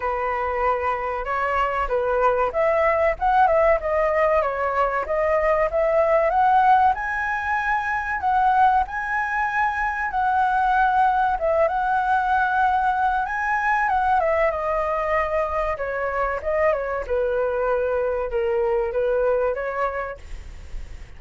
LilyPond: \new Staff \with { instrumentName = "flute" } { \time 4/4 \tempo 4 = 95 b'2 cis''4 b'4 | e''4 fis''8 e''8 dis''4 cis''4 | dis''4 e''4 fis''4 gis''4~ | gis''4 fis''4 gis''2 |
fis''2 e''8 fis''4.~ | fis''4 gis''4 fis''8 e''8 dis''4~ | dis''4 cis''4 dis''8 cis''8 b'4~ | b'4 ais'4 b'4 cis''4 | }